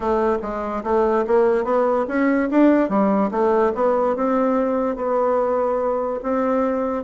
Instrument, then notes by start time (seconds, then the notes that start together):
bassoon
0.00 A3
0.42 G#3
0.83 A3
1.27 A#3
1.64 B3
2.08 C#4
2.50 D4
2.89 G3
3.31 A3
3.74 B3
4.15 C4
4.96 B3
6.23 C4